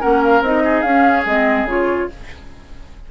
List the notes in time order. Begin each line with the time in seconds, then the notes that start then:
0.00 A#3 C#4 A#4 F#5
0.22 F5
0.40 C4 D#4 D#5
0.64 G#4
0.81 C#4 F5
1.25 G#3 C4 D#5
1.64 C#3 F4 C#5